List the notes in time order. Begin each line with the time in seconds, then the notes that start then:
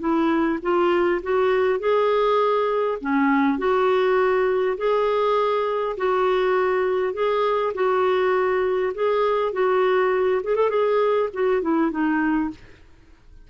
0.00 E4
0.63 F4
1.23 F#4
1.80 G#4
3.01 C#4
3.59 F#4
4.78 G#4
5.97 F#4
7.14 G#4
7.74 F#4
8.95 G#4
9.53 F#4
10.44 G#4
10.56 A4
10.70 G#4
11.34 F#4
11.62 E4
11.91 D#4